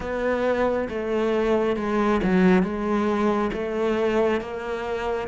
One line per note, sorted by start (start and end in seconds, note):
0.00 0.88 B3
0.89 1.76 A3
1.76 2.20 G#3
2.23 2.62 F#3
2.62 3.51 G#3
3.52 4.40 A3
4.40 5.28 A#3